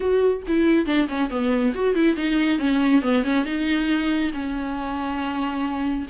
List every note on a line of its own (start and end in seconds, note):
0.00 0.42 F#4
0.47 0.85 E4
0.85 1.07 D4
1.08 1.29 C#4
1.29 1.73 B3
1.74 1.94 F#4
1.94 2.16 E4
2.16 2.58 D#4
2.58 3.01 C#4
3.02 3.23 B3
3.23 3.45 C#4
3.45 4.31 D#4
4.33 6.06 C#4